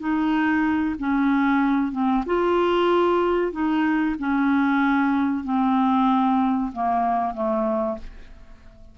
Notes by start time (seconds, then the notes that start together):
0.00 D#4
0.99 C#4
1.93 C4
2.26 F4
3.52 D#4
4.19 C#4
5.44 C4
6.73 A#3
7.35 A3